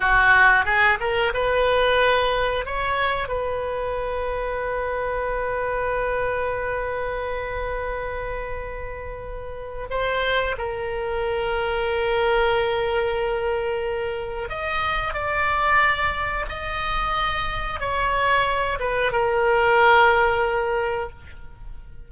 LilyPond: \new Staff \with { instrumentName = "oboe" } { \time 4/4 \tempo 4 = 91 fis'4 gis'8 ais'8 b'2 | cis''4 b'2.~ | b'1~ | b'2. c''4 |
ais'1~ | ais'2 dis''4 d''4~ | d''4 dis''2 cis''4~ | cis''8 b'8 ais'2. | }